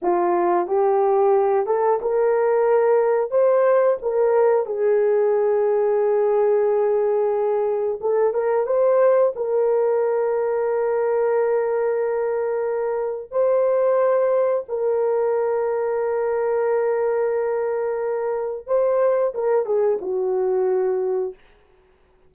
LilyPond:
\new Staff \with { instrumentName = "horn" } { \time 4/4 \tempo 4 = 90 f'4 g'4. a'8 ais'4~ | ais'4 c''4 ais'4 gis'4~ | gis'1 | a'8 ais'8 c''4 ais'2~ |
ais'1 | c''2 ais'2~ | ais'1 | c''4 ais'8 gis'8 fis'2 | }